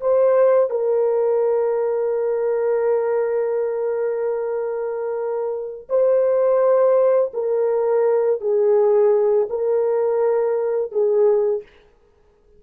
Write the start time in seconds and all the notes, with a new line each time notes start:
0.00 C5
0.70 A#4
5.89 C5
7.33 A#4
8.41 G#4
9.49 A#4
10.91 G#4